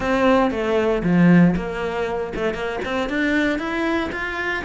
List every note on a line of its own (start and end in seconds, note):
0.00 0.51 C4
0.51 1.02 A3
1.03 1.54 F3
1.56 2.33 A#3
2.35 2.54 A3
2.54 2.79 A#3
2.84 3.09 C4
3.09 3.58 D4
3.58 4.10 E4
4.12 4.63 F4